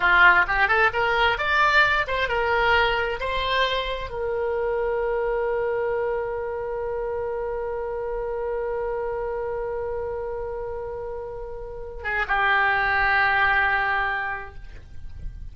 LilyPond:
\new Staff \with { instrumentName = "oboe" } { \time 4/4 \tempo 4 = 132 f'4 g'8 a'8 ais'4 d''4~ | d''8 c''8 ais'2 c''4~ | c''4 ais'2.~ | ais'1~ |
ais'1~ | ais'1~ | ais'2~ ais'8 gis'8 g'4~ | g'1 | }